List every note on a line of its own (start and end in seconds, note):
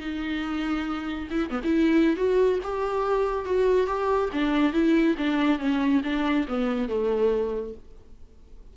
0.00 1.29 D#4
1.31 1.50 E4
1.50 1.61 B3
1.64 2.16 E4
2.16 2.59 F#4
2.63 3.45 G4
3.45 3.87 F#4
3.87 4.30 G4
4.32 4.73 D4
4.73 5.15 E4
5.18 5.59 D4
5.59 6.02 C#4
6.04 6.46 D4
6.48 6.88 B3
6.88 7.74 A3